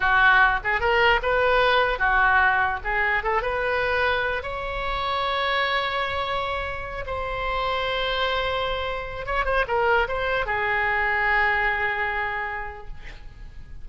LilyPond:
\new Staff \with { instrumentName = "oboe" } { \time 4/4 \tempo 4 = 149 fis'4. gis'8 ais'4 b'4~ | b'4 fis'2 gis'4 | a'8 b'2~ b'8 cis''4~ | cis''1~ |
cis''4. c''2~ c''8~ | c''2. cis''8 c''8 | ais'4 c''4 gis'2~ | gis'1 | }